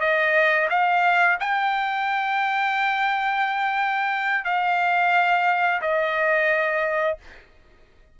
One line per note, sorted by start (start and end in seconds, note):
0.00 0.68 D#5
0.70 1.38 F5
1.40 4.45 G5
4.45 5.81 F5
5.81 7.18 D#5